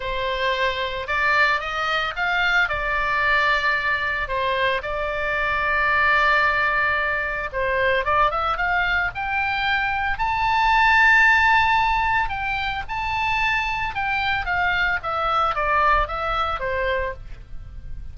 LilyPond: \new Staff \with { instrumentName = "oboe" } { \time 4/4 \tempo 4 = 112 c''2 d''4 dis''4 | f''4 d''2. | c''4 d''2.~ | d''2 c''4 d''8 e''8 |
f''4 g''2 a''4~ | a''2. g''4 | a''2 g''4 f''4 | e''4 d''4 e''4 c''4 | }